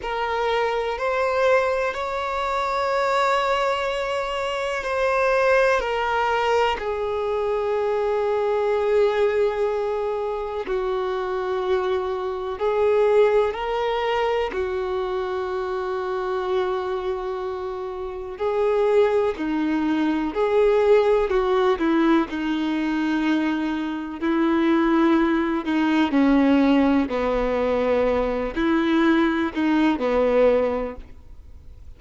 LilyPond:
\new Staff \with { instrumentName = "violin" } { \time 4/4 \tempo 4 = 62 ais'4 c''4 cis''2~ | cis''4 c''4 ais'4 gis'4~ | gis'2. fis'4~ | fis'4 gis'4 ais'4 fis'4~ |
fis'2. gis'4 | dis'4 gis'4 fis'8 e'8 dis'4~ | dis'4 e'4. dis'8 cis'4 | b4. e'4 dis'8 b4 | }